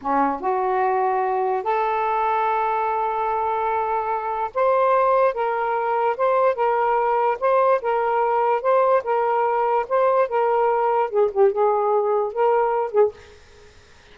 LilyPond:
\new Staff \with { instrumentName = "saxophone" } { \time 4/4 \tempo 4 = 146 cis'4 fis'2. | a'1~ | a'2. c''4~ | c''4 ais'2 c''4 |
ais'2 c''4 ais'4~ | ais'4 c''4 ais'2 | c''4 ais'2 gis'8 g'8 | gis'2 ais'4. gis'8 | }